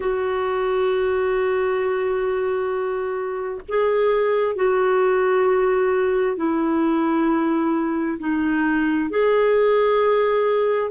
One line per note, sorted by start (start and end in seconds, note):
0.00 3.61 F#4
3.68 4.55 G#4
4.55 6.36 F#4
6.36 8.18 E4
8.19 9.10 D#4
9.10 10.90 G#4